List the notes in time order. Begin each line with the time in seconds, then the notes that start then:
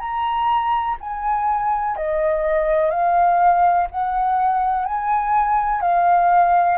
0.00 A#5
1.01 G#5
1.97 D#5
2.91 F5
3.91 F#5
4.85 G#5
5.82 F5